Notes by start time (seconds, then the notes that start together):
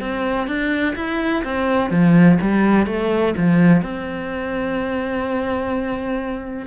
0.00 C4
0.48 D4
0.96 E4
1.44 C4
1.91 F3
2.42 G3
2.87 A3
3.37 F3
3.82 C4